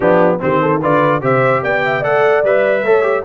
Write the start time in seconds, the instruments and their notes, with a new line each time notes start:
0.00 tuba F3, trombone B3, horn D4, trumpet G4
0.39 tuba D#3, trombone C4, horn G4, trumpet C5
0.61 horn A4
0.81 tuba D3, trombone F4, horn B4, trumpet D5
1.21 tuba C3, trombone G4, horn C5, trumpet E5
1.62 tuba B3, horn D5, trumpet G5
1.85 horn E5
2.00 tuba A3, trombone A4, horn D5, trumpet F#5
2.43 tuba G3, trombone B4, trumpet E5
2.82 tuba A3, trombone A4, horn C#5
3.02 trombone G4